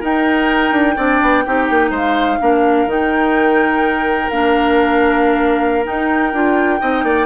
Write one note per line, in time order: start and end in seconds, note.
0.00 0.97 D#4
0.00 0.72 D#4
0.00 0.95 A#4
0.00 1.95 G5
0.72 0.96 D4
0.96 1.21 C4
0.96 1.44 D4
0.96 1.44 D5
1.22 1.45 B3
1.45 1.70 C4
1.45 2.40 D#4
1.45 1.91 G4
1.70 1.90 A#3
1.90 2.38 G#3
1.90 2.38 C5
1.90 2.90 F5
2.40 2.86 A#3
2.40 2.88 D4
2.40 6.81 A#4
2.86 4.29 D#3
2.86 4.31 D#4
2.86 4.30 G5
4.30 5.86 A#3
4.30 5.84 D4
4.30 5.85 F5
5.84 6.31 D#4
5.84 6.33 D#4
5.84 7.26 G5
6.33 6.81 D4
6.33 6.80 F4
6.80 7.03 C4
6.80 7.26 D#4
6.80 7.05 D#5
7.03 7.26 A#3
7.03 7.26 D5